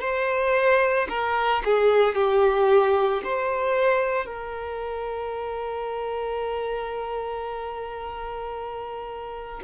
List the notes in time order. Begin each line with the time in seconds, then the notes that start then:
0.00 C5
1.09 A#4
1.65 G#4
2.15 G4
3.23 C5
4.26 A#4